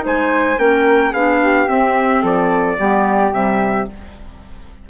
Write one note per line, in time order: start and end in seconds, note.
0.00 0.58 G#3
0.00 0.55 D#4
0.00 0.59 C5
0.06 0.58 G#5
0.58 1.13 A#3
0.58 1.13 C#4
0.58 1.11 A#4
0.58 1.13 G5
1.11 1.68 B3
1.11 1.67 D4
1.11 1.38 G#4
1.11 1.68 F5
1.42 2.22 G4
1.67 2.78 C4
1.67 2.23 C4
1.67 2.24 E5
2.22 2.78 F3
2.22 2.77 A4
2.22 3.33 D5
2.79 3.32 G3
2.79 3.32 B3
2.79 3.89 G4
3.32 3.87 C3
3.32 3.87 G3
3.32 3.89 E5